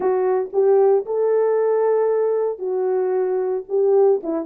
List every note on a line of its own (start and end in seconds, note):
0.00 0.49 F#4
0.52 1.05 G4
1.05 2.58 A4
2.58 3.63 F#4
3.68 4.21 G4
4.23 4.45 E4